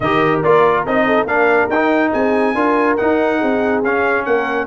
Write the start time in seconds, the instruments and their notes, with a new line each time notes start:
0.00 tuba D#3, trombone G4, horn A#4, trumpet D#5
0.43 tuba A#3, trombone F4, trumpet D5
0.86 tuba C4, trombone D#4, trumpet D#5
1.06 horn A4
1.24 tuba A#3, trombone D4, horn A#4, trumpet F5
1.69 tuba D#4, trombone D#4, trumpet G5
2.12 tuba C4, horn G#4, trumpet G#5
2.54 tuba D4, trombone F4, horn A#4
2.96 trombone D#4, tuba D#4, trumpet F#5
3.38 tuba C4, horn G#4
3.83 tuba C#4, trombone C#4, trumpet F5
4.25 tuba A#3, horn A#4, trumpet F#5